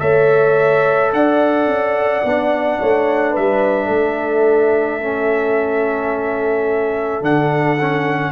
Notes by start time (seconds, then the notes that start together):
0.00 A3 A4 C#5 E5
1.13 D4 D5 F#5
1.66 C#4
2.24 B3 D4
2.80 A3 C#5
3.32 G3 B4 E5
3.86 A3 A4
5.01 C#4
7.21 D3 D4 F#5
7.80 C#4